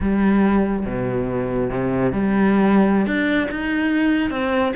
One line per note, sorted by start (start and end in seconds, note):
0.00 0.85 G3
0.85 1.70 B2
1.70 2.12 C3
2.12 3.06 G3
3.06 3.48 D4
3.51 4.30 D#4
4.30 4.72 C4